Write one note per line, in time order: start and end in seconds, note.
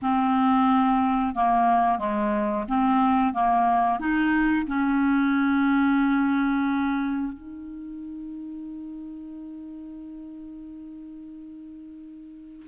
0.02 1.35 C4
1.35 1.98 A#3
1.98 2.65 G#3
2.68 3.33 C4
3.33 3.99 A#3
3.99 4.66 D#4
4.66 7.32 C#4
7.32 12.66 D#4